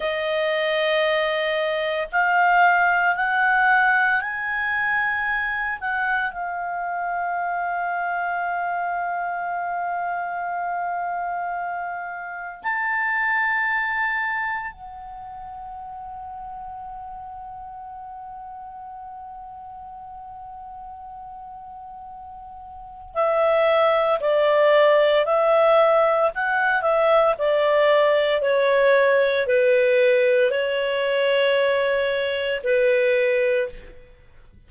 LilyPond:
\new Staff \with { instrumentName = "clarinet" } { \time 4/4 \tempo 4 = 57 dis''2 f''4 fis''4 | gis''4. fis''8 f''2~ | f''1 | a''2 fis''2~ |
fis''1~ | fis''2 e''4 d''4 | e''4 fis''8 e''8 d''4 cis''4 | b'4 cis''2 b'4 | }